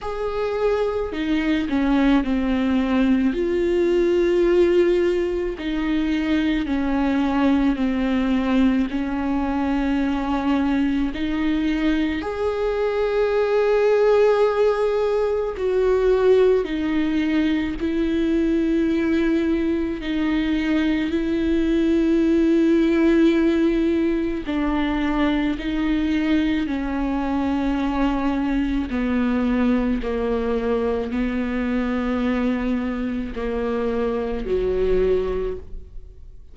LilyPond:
\new Staff \with { instrumentName = "viola" } { \time 4/4 \tempo 4 = 54 gis'4 dis'8 cis'8 c'4 f'4~ | f'4 dis'4 cis'4 c'4 | cis'2 dis'4 gis'4~ | gis'2 fis'4 dis'4 |
e'2 dis'4 e'4~ | e'2 d'4 dis'4 | cis'2 b4 ais4 | b2 ais4 fis4 | }